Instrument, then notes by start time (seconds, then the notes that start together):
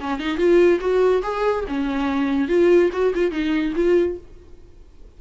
viola
0.00 C#4
0.19 D#4
0.37 F4
0.80 F#4
1.22 G#4
1.68 C#4
2.48 F4
2.92 F#4
3.14 F4
3.31 D#4
3.75 F4